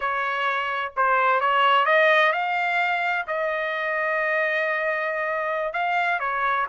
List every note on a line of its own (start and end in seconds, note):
0.00 0.92 C#5
0.96 1.40 C5
1.40 1.85 C#5
1.85 2.32 D#5
2.32 3.26 F5
3.27 5.73 D#5
5.73 6.19 F5
6.19 6.66 C#5